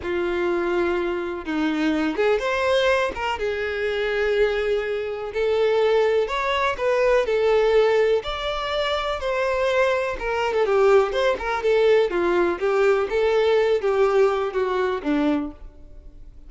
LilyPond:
\new Staff \with { instrumentName = "violin" } { \time 4/4 \tempo 4 = 124 f'2. dis'4~ | dis'8 gis'8 c''4. ais'8 gis'4~ | gis'2. a'4~ | a'4 cis''4 b'4 a'4~ |
a'4 d''2 c''4~ | c''4 ais'8. a'16 g'4 c''8 ais'8 | a'4 f'4 g'4 a'4~ | a'8 g'4. fis'4 d'4 | }